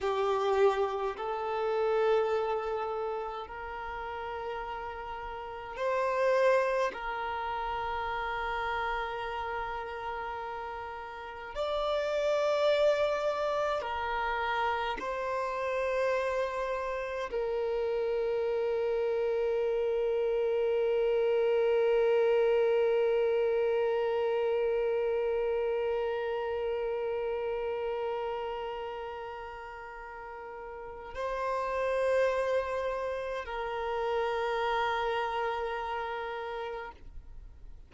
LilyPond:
\new Staff \with { instrumentName = "violin" } { \time 4/4 \tempo 4 = 52 g'4 a'2 ais'4~ | ais'4 c''4 ais'2~ | ais'2 d''2 | ais'4 c''2 ais'4~ |
ais'1~ | ais'1~ | ais'2. c''4~ | c''4 ais'2. | }